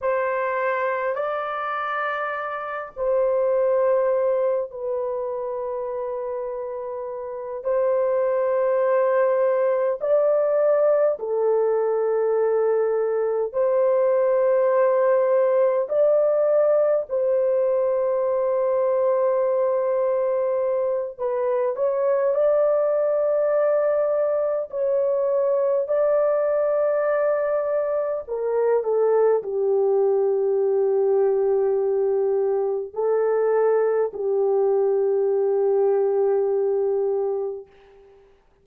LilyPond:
\new Staff \with { instrumentName = "horn" } { \time 4/4 \tempo 4 = 51 c''4 d''4. c''4. | b'2~ b'8 c''4.~ | c''8 d''4 a'2 c''8~ | c''4. d''4 c''4.~ |
c''2 b'8 cis''8 d''4~ | d''4 cis''4 d''2 | ais'8 a'8 g'2. | a'4 g'2. | }